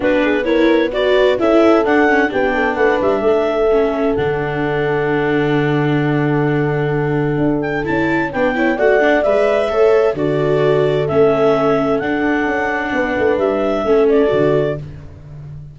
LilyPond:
<<
  \new Staff \with { instrumentName = "clarinet" } { \time 4/4 \tempo 4 = 130 b'4 cis''4 d''4 e''4 | fis''4 g''4 fis''8 e''4.~ | e''4 fis''2.~ | fis''1~ |
fis''8 g''8 a''4 g''4 fis''4 | e''2 d''2 | e''2 fis''2~ | fis''4 e''4. d''4. | }
  \new Staff \with { instrumentName = "horn" } { \time 4/4 fis'8 gis'8 ais'4 b'4 a'4~ | a'4 g'8 a'8 b'4 a'4~ | a'1~ | a'1~ |
a'2 b'8 cis''8 d''4~ | d''4 cis''4 a'2~ | a'1 | b'2 a'2 | }
  \new Staff \with { instrumentName = "viola" } { \time 4/4 d'4 e'4 fis'4 e'4 | d'8 cis'8 d'2. | cis'4 d'2.~ | d'1~ |
d'4 e'4 d'8 e'8 fis'8 d'8 | b'4 a'4 fis'2 | cis'2 d'2~ | d'2 cis'4 fis'4 | }
  \new Staff \with { instrumentName = "tuba" } { \time 4/4 b2. cis'4 | d'4 b4 a8 g8 a4~ | a4 d2.~ | d1 |
d'4 cis'4 b4 a4 | gis4 a4 d2 | a2 d'4 cis'4 | b8 a8 g4 a4 d4 | }
>>